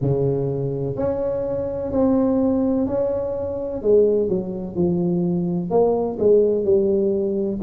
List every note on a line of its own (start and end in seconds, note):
0.01 0.96 C#3
0.96 1.91 C#4
1.91 2.86 C4
2.86 3.81 C#4
3.81 4.29 G#3
4.29 4.75 F#3
4.75 5.70 F3
5.70 6.17 A#3
6.19 6.64 G#3
6.64 7.59 G3